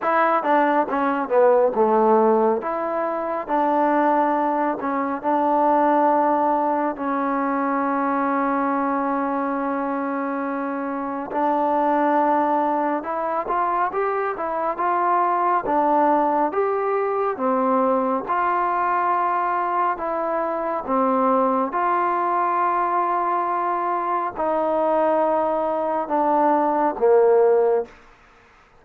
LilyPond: \new Staff \with { instrumentName = "trombone" } { \time 4/4 \tempo 4 = 69 e'8 d'8 cis'8 b8 a4 e'4 | d'4. cis'8 d'2 | cis'1~ | cis'4 d'2 e'8 f'8 |
g'8 e'8 f'4 d'4 g'4 | c'4 f'2 e'4 | c'4 f'2. | dis'2 d'4 ais4 | }